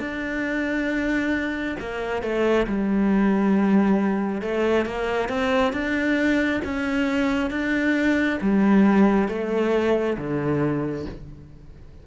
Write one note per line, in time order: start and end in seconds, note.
0.00 1.76 D4
1.80 2.23 A#3
2.23 2.67 A3
2.67 4.42 G3
4.42 4.86 A3
4.86 5.29 A#3
5.29 5.73 C4
5.73 6.61 D4
6.65 7.51 C#4
7.51 8.39 D4
8.41 9.29 G3
9.29 10.17 A3
10.18 11.06 D3